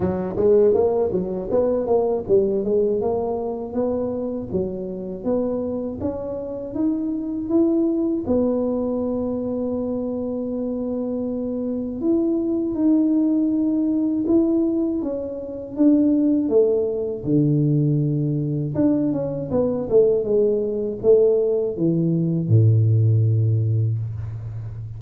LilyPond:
\new Staff \with { instrumentName = "tuba" } { \time 4/4 \tempo 4 = 80 fis8 gis8 ais8 fis8 b8 ais8 g8 gis8 | ais4 b4 fis4 b4 | cis'4 dis'4 e'4 b4~ | b1 |
e'4 dis'2 e'4 | cis'4 d'4 a4 d4~ | d4 d'8 cis'8 b8 a8 gis4 | a4 e4 a,2 | }